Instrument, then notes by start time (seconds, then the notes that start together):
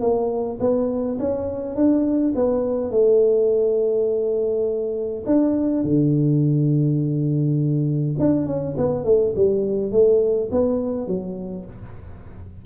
tuba
0.00 A#3
0.60 B3
1.19 C#4
1.75 D4
2.35 B3
2.91 A3
5.26 D4
5.83 D3
8.19 D4
8.47 C#4
8.77 B3
9.05 A3
9.36 G3
9.91 A3
10.51 B3
11.07 F#3